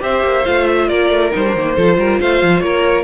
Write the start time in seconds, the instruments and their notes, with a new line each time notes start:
0.00 cello C4, viola G4, violin C5 E5
0.23 cello A#3
0.45 cello A3, viola F4, violin F5
0.67 violin E5
0.88 cello A#3, violin A#4 D5
1.10 cello A3
1.32 cello G3, viola D#4, violin C5
1.48 viola D4
1.56 cello D#3, viola A#3
1.75 cello F3, viola F4, violin A4
1.98 cello G3, violin A#4
2.20 cello A3, violin C5 F5
2.43 cello F3
2.61 cello A#3, violin A#4 C#5